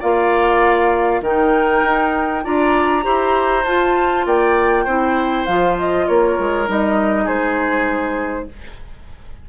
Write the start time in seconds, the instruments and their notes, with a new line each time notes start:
0.00 bassoon A#3, clarinet F4, oboe D5, flute F5
1.21 bassoon D#3, clarinet D#4, oboe A#4, flute G5
1.84 bassoon D#4
2.44 bassoon D4, clarinet F4, oboe D5, flute A#5
3.03 bassoon E4, clarinet G4, oboe C5
3.65 bassoon F4, clarinet F4, flute A5
4.26 bassoon A#3, oboe D5, flute G5
4.85 bassoon C4, clarinet E4, oboe C5
5.46 bassoon F3, clarinet F4, flute F5
5.79 flute D#5
6.08 bassoon A#3, oboe A#4, flute C#5
6.39 bassoon G#3
6.67 bassoon G3, clarinet D#4, flute D#5
7.25 bassoon G#3, oboe G#4, flute C5